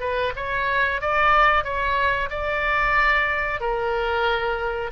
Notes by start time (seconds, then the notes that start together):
0.00 B4
0.36 C#5
1.01 D5
1.64 C#5
2.30 D5
3.60 A#4